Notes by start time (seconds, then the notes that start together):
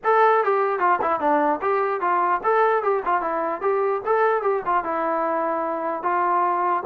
0.04 A4
0.43 G4
0.79 F4
1.01 E4
1.20 D4
1.61 G4
2.00 F4
2.43 A4
2.82 G4
3.05 F4
3.21 E4
3.61 G4
4.05 A4
4.42 G4
4.65 F4
4.84 E4
6.02 F4